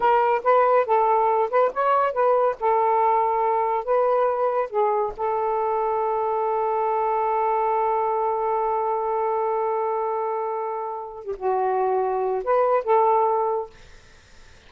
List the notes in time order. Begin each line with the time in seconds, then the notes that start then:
0.00 A#4
0.43 B4
0.86 A4
1.50 B4
1.73 C#5
2.13 B4
2.59 A4
3.84 B4
4.70 G#4
5.16 A4
11.25 G4
11.36 F#4
12.44 B4
12.84 A4